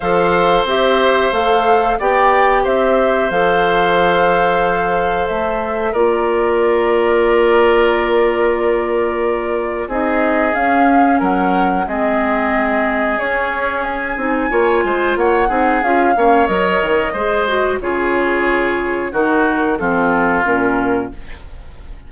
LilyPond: <<
  \new Staff \with { instrumentName = "flute" } { \time 4/4 \tempo 4 = 91 f''4 e''4 f''4 g''4 | e''4 f''2. | e''4 d''2.~ | d''2. dis''4 |
f''4 fis''4 dis''2 | cis''4 gis''2 fis''4 | f''4 dis''2 cis''4~ | cis''4 ais'4 a'4 ais'4 | }
  \new Staff \with { instrumentName = "oboe" } { \time 4/4 c''2. d''4 | c''1~ | c''4 ais'2.~ | ais'2. gis'4~ |
gis'4 ais'4 gis'2~ | gis'2 cis''8 c''8 cis''8 gis'8~ | gis'8 cis''4. c''4 gis'4~ | gis'4 fis'4 f'2 | }
  \new Staff \with { instrumentName = "clarinet" } { \time 4/4 a'4 g'4 a'4 g'4~ | g'4 a'2.~ | a'4 f'2.~ | f'2. dis'4 |
cis'2 c'2 | cis'4. dis'8 f'4. dis'8 | f'8 cis'8 ais'4 gis'8 fis'8 f'4~ | f'4 dis'4 c'4 cis'4 | }
  \new Staff \with { instrumentName = "bassoon" } { \time 4/4 f4 c'4 a4 b4 | c'4 f2. | a4 ais2.~ | ais2. c'4 |
cis'4 fis4 gis2 | cis'4. c'8 ais8 gis8 ais8 c'8 | cis'8 ais8 fis8 dis8 gis4 cis4~ | cis4 dis4 f4 ais,4 | }
>>